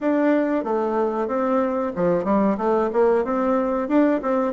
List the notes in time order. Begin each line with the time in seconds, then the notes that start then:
0.01 D4
0.63 A3
1.27 C4
1.95 F3
2.24 G3
2.57 A3
2.92 A#3
3.24 C4
3.88 D4
4.22 C4